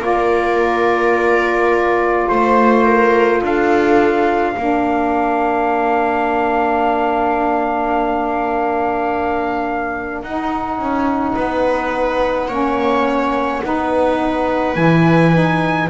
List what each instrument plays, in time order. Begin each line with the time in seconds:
0.00 double bass A#3, saxophone F4, viola A#4, trumpet D5
2.29 double bass A3, trumpet C5, viola C5
2.85 viola A#4
3.42 double bass D4, viola A4, trumpet F5
4.58 double bass A#3, saxophone D4, viola A#4
10.23 double bass D#4, saxophone D#4, trumpet F#5
10.79 double bass C#4
11.36 double bass B3, viola B4
12.48 double bass A#3, saxophone C#4, viola C#5
13.62 double bass B3, saxophone D#4, viola B4
14.75 double bass E3, saxophone E4, trumpet G#5
15.32 saxophone D#4